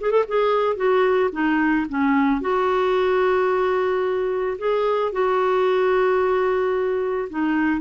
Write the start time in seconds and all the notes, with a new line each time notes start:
0.00 G#4
0.11 A4
0.28 G#4
0.76 F#4
1.32 D#4
1.89 C#4
2.41 F#4
4.58 G#4
5.12 F#4
7.29 D#4